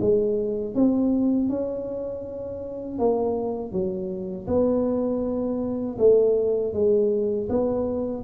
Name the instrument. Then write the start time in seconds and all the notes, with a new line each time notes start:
tuba
0.00 G#3
0.74 C4
1.49 C#4
2.98 A#3
3.72 F#3
4.47 B3
5.98 A3
6.73 G#3
7.49 B3